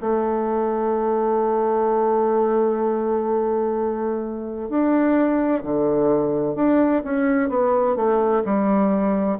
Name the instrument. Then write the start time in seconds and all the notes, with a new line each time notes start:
bassoon
0.00 A3
4.69 D4
5.63 D3
6.55 D4
7.04 C#4
7.49 B3
7.96 A3
8.44 G3